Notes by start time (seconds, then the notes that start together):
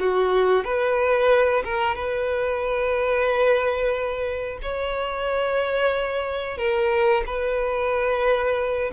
0.00 F#4
0.65 B4
1.65 A#4
1.95 B4
4.62 C#5
6.58 A#4
7.26 B4